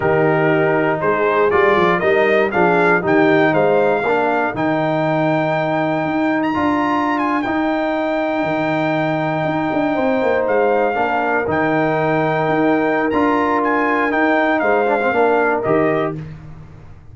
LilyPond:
<<
  \new Staff \with { instrumentName = "trumpet" } { \time 4/4 \tempo 4 = 119 ais'2 c''4 d''4 | dis''4 f''4 g''4 f''4~ | f''4 g''2.~ | g''8. ais''4. gis''8 g''4~ g''16~ |
g''1~ | g''8. f''2 g''4~ g''16~ | g''2 ais''4 gis''4 | g''4 f''2 dis''4 | }
  \new Staff \with { instrumentName = "horn" } { \time 4/4 g'2 gis'2 | ais'4 gis'4 g'4 c''4 | ais'1~ | ais'1~ |
ais'2.~ ais'8. c''16~ | c''4.~ c''16 ais'2~ ais'16~ | ais'1~ | ais'4 c''4 ais'2 | }
  \new Staff \with { instrumentName = "trombone" } { \time 4/4 dis'2. f'4 | dis'4 d'4 dis'2 | d'4 dis'2.~ | dis'4 f'4.~ f'16 dis'4~ dis'16~ |
dis'1~ | dis'4.~ dis'16 d'4 dis'4~ dis'16~ | dis'2 f'2 | dis'4. d'16 c'16 d'4 g'4 | }
  \new Staff \with { instrumentName = "tuba" } { \time 4/4 dis2 gis4 g8 f8 | g4 f4 dis4 gis4 | ais4 dis2. | dis'4 d'4.~ d'16 dis'4~ dis'16~ |
dis'8. dis2 dis'8 d'8 c'16~ | c'16 ais8 gis4 ais4 dis4~ dis16~ | dis8. dis'4~ dis'16 d'2 | dis'4 gis4 ais4 dis4 | }
>>